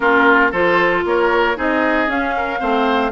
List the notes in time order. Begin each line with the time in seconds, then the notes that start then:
0.00 A#3 C#4 F4 A#4
0.51 F3 F4 A4 C5
1.04 A#3 A#4 C#5
1.56 C4 D#4 G#4 D#5
2.07 C#4 F5
2.36 A#4
2.59 A3 C4 C5